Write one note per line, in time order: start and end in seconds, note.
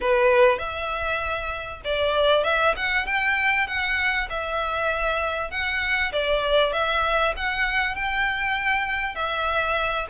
0.00 0.58 B4
0.58 1.81 E5
1.84 2.44 D5
2.44 2.74 E5
2.76 3.06 F#5
3.06 3.67 G5
3.67 4.28 F#5
4.29 5.50 E5
5.50 6.12 F#5
6.12 6.72 D5
6.72 7.34 E5
7.36 7.95 F#5
7.95 9.15 G5
9.15 10.07 E5